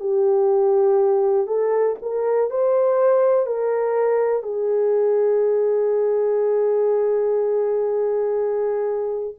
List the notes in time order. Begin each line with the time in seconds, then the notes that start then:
0.00 G4
1.47 A4
2.02 A#4
2.50 C5
3.46 A#4
4.43 G#4